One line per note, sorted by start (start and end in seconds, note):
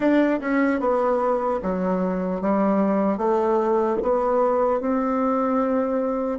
0.00 0.40 D4
0.40 0.80 C#4
0.80 1.60 B3
1.62 2.41 F#3
2.41 3.17 G3
3.17 3.97 A3
4.02 4.80 B3
4.80 6.39 C4